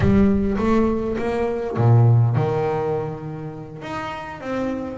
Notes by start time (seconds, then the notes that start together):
0.00 G3
0.57 A3
1.18 A#3
1.76 A#2
2.35 D#3
3.82 D#4
4.41 C4